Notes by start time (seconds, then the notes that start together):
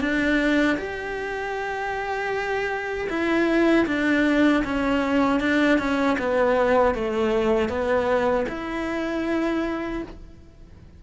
0.00 D4
0.77 G4
3.09 E4
3.86 D4
4.64 C#4
5.40 D4
5.78 C#4
6.18 B3
6.94 A3
7.69 B3
8.49 E4